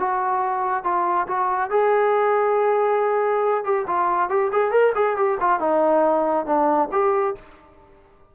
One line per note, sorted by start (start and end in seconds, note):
0.00 0.84 F#4
0.84 1.27 F4
1.28 1.71 F#4
1.71 3.65 G#4
3.65 3.86 G4
3.88 4.30 F4
4.30 4.51 G4
4.53 4.72 G#4
4.72 4.93 A#4
4.95 5.17 G#4
5.17 5.39 G4
5.41 5.60 F4
5.60 6.46 D#4
6.46 6.90 D4
6.92 7.36 G4